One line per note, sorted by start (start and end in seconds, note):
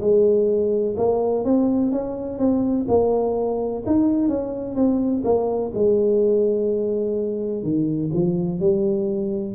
0.00 0.95 G#3
0.97 1.44 A#3
1.44 1.92 C4
1.92 2.39 C#4
2.39 2.86 C4
2.88 3.83 A#3
3.86 4.28 D#4
4.28 4.75 C#4
4.75 5.23 C4
5.24 5.71 A#3
5.74 7.63 G#3
7.63 8.10 D#3
8.13 8.59 F3
8.59 9.54 G3